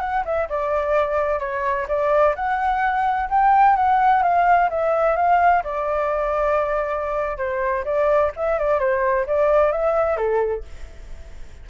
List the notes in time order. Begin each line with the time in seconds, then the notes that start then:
0.00 F#5
0.25 E5
0.49 D5
1.39 C#5
1.88 D5
2.35 F#5
3.29 G5
3.76 F#5
4.23 F5
4.70 E5
5.16 F5
5.64 D5
7.37 C5
7.85 D5
8.36 E5
8.59 D5
8.79 C5
9.27 D5
9.72 E5
10.16 A4